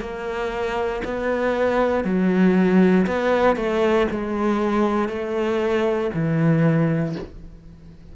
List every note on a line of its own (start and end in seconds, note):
0.00 1.02 A#3
1.04 2.04 B3
2.04 3.06 F#3
3.06 3.55 B3
3.55 4.06 A3
4.10 5.08 G#3
5.08 6.10 A3
6.13 7.15 E3